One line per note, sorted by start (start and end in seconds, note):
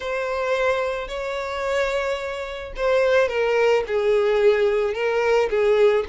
0.00 1.08 C5
1.08 2.73 C#5
2.76 3.28 C5
3.28 3.83 A#4
3.87 4.94 G#4
4.94 5.49 A#4
5.49 6.05 G#4